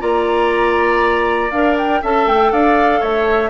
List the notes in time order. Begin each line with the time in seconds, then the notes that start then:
0.00 A#3 F4 D5 A#5
1.51 D4 A#4 F5
1.78 G5
2.03 C#4 A4 E5 A5
2.27 A3 G5
2.52 D4 D5 F5
3.01 A3 C#5 E5